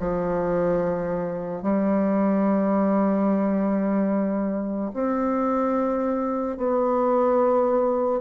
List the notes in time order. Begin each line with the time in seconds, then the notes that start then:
0.00 F3
1.63 G3
4.94 C4
6.58 B3